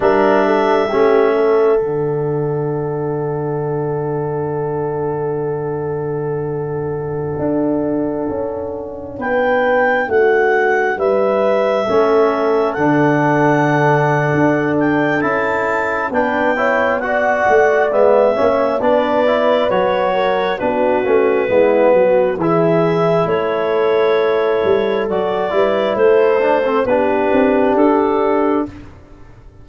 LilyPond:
<<
  \new Staff \with { instrumentName = "clarinet" } { \time 4/4 \tempo 4 = 67 e''2 fis''2~ | fis''1~ | fis''2~ fis''16 g''4 fis''8.~ | fis''16 e''2 fis''4.~ fis''16~ |
fis''8 g''8 a''4 g''4 fis''4 | e''4 d''4 cis''4 b'4~ | b'4 e''4 cis''2 | d''4 c''4 b'4 a'4 | }
  \new Staff \with { instrumentName = "horn" } { \time 4/4 ais'8 a'8 g'8 a'2~ a'8~ | a'1~ | a'2~ a'16 b'4 fis'8.~ | fis'16 b'4 a'2~ a'8.~ |
a'2 b'8 cis''8 d''4~ | d''8 cis''8 b'4. ais'8 fis'4 | e'8 fis'8 gis'4 a'2~ | a'8 b'8 a'4 g'2 | }
  \new Staff \with { instrumentName = "trombone" } { \time 4/4 d'4 cis'4 d'2~ | d'1~ | d'1~ | d'4~ d'16 cis'4 d'4.~ d'16~ |
d'4 e'4 d'8 e'8 fis'4 | b8 cis'8 d'8 e'8 fis'4 d'8 cis'8 | b4 e'2. | fis'8 e'4 d'16 c'16 d'2 | }
  \new Staff \with { instrumentName = "tuba" } { \time 4/4 g4 a4 d2~ | d1~ | d16 d'4 cis'4 b4 a8.~ | a16 g4 a4 d4.~ d16 |
d'4 cis'4 b4. a8 | gis8 ais8 b4 fis4 b8 a8 | gis8 fis8 e4 a4. g8 | fis8 g8 a4 b8 c'8 d'4 | }
>>